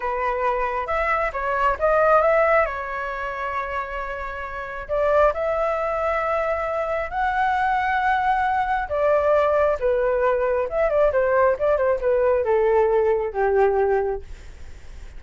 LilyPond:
\new Staff \with { instrumentName = "flute" } { \time 4/4 \tempo 4 = 135 b'2 e''4 cis''4 | dis''4 e''4 cis''2~ | cis''2. d''4 | e''1 |
fis''1 | d''2 b'2 | e''8 d''8 c''4 d''8 c''8 b'4 | a'2 g'2 | }